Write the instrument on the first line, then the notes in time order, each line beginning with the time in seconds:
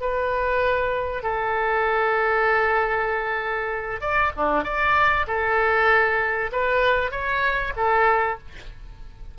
oboe
0.00 B4
1.23 A4
4.01 D5
4.36 D4
4.64 D5
5.27 A4
6.52 B4
7.11 C#5
7.76 A4